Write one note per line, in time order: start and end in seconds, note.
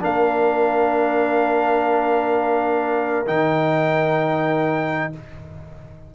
0.00 3.27 A#3
0.00 3.26 D4
0.00 5.14 A#4
0.00 3.27 F5
3.26 5.13 D#3
3.26 5.12 D#4
3.26 5.13 G5